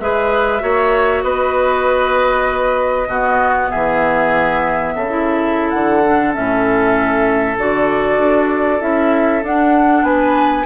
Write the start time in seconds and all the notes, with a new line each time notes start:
0.00 G#3 G#4 B4 E5
0.60 A#3 F#4 C#5
1.23 B3 B4 D#5
3.07 B2 B3 F#4
3.57 F#5
3.70 E3 G#4 E5
4.95 C#3 A4
5.09 E4
5.70 D3 F#5
6.03 D4
6.33 A2 C#4 E5
7.58 D3 F#4 D5
8.19 D4
8.80 C#4 E4 E5
9.43 D4 F#5
10.03 B3 B4 G#5